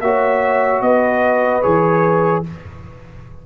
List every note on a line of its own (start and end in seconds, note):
0.00 0.81 A#3
0.00 1.62 F#4
0.00 0.83 C#5
0.00 0.81 E5
0.81 1.62 B3
0.81 2.46 B4
0.81 1.62 D#5
1.62 2.46 E3
1.62 2.43 G#4
1.62 2.43 C#5